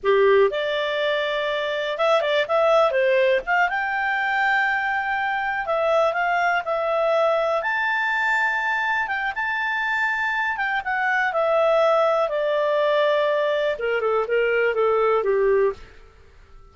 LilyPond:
\new Staff \with { instrumentName = "clarinet" } { \time 4/4 \tempo 4 = 122 g'4 d''2. | e''8 d''8 e''4 c''4 f''8 g''8~ | g''2.~ g''8 e''8~ | e''8 f''4 e''2 a''8~ |
a''2~ a''8 g''8 a''4~ | a''4. g''8 fis''4 e''4~ | e''4 d''2. | ais'8 a'8 ais'4 a'4 g'4 | }